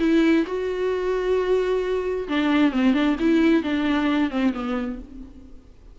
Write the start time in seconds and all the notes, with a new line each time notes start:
0.00 E4
0.46 F#4
2.29 D4
2.72 C4
2.94 D4
3.20 E4
3.63 D4
4.31 C4
4.54 B3